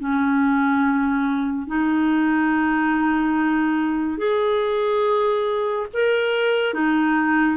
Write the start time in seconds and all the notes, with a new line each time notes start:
0.00 C#4
1.67 D#4
4.18 G#4
5.94 A#4
6.75 D#4